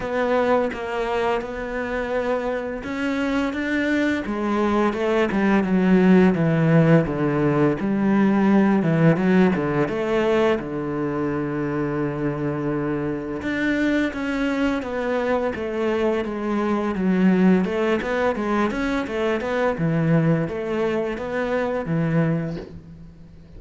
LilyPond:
\new Staff \with { instrumentName = "cello" } { \time 4/4 \tempo 4 = 85 b4 ais4 b2 | cis'4 d'4 gis4 a8 g8 | fis4 e4 d4 g4~ | g8 e8 fis8 d8 a4 d4~ |
d2. d'4 | cis'4 b4 a4 gis4 | fis4 a8 b8 gis8 cis'8 a8 b8 | e4 a4 b4 e4 | }